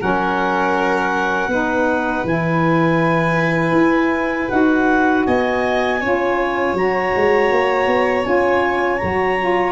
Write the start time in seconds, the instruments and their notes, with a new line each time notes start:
0.00 tuba F#3, saxophone C#4, violin A#4, clarinet F#5
1.48 tuba B3, saxophone D#4, violin B4
2.24 tuba E3, saxophone E4, clarinet G#5
3.72 tuba E4
4.50 tuba D#4, saxophone F#4, clarinet F#5
5.26 tuba B3, violin D#5, clarinet G#5
6.01 tuba C#4, saxophone F4, violin C#5
6.74 tuba F#3, saxophone F#4, clarinet A#5
7.16 tuba G#3
7.52 tuba A#3
7.87 tuba B3
8.24 tuba C#4, saxophone F4, clarinet G#5
8.98 tuba F#3, saxophone F#4, clarinet A#5
9.40 saxophone F4